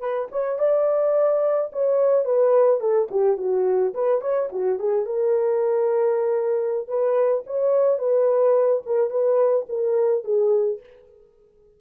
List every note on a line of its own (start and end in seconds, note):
0.00 0.28 B4
0.32 0.59 C#5
0.59 1.71 D5
1.72 2.25 C#5
2.25 2.80 B4
2.80 3.08 A4
3.11 3.37 G4
3.37 3.93 F#4
3.94 4.21 B4
4.21 4.49 C#5
4.52 4.79 F#4
4.79 5.05 G#4
5.05 6.88 A#4
6.88 7.44 B4
7.46 7.98 C#5
7.98 8.82 B4
8.86 9.10 A#4
9.10 9.66 B4
9.69 10.24 A#4
10.24 10.80 G#4